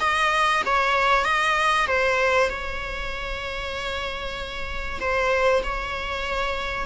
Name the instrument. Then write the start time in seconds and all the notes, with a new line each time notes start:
viola
0.00 D#5
0.66 C#5
1.24 D#5
1.87 C5
2.50 C#5
5.01 C5
5.63 C#5